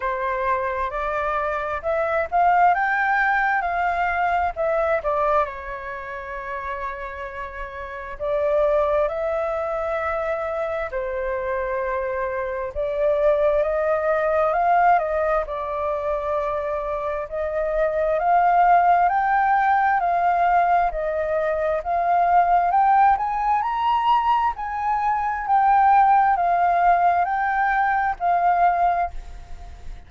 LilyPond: \new Staff \with { instrumentName = "flute" } { \time 4/4 \tempo 4 = 66 c''4 d''4 e''8 f''8 g''4 | f''4 e''8 d''8 cis''2~ | cis''4 d''4 e''2 | c''2 d''4 dis''4 |
f''8 dis''8 d''2 dis''4 | f''4 g''4 f''4 dis''4 | f''4 g''8 gis''8 ais''4 gis''4 | g''4 f''4 g''4 f''4 | }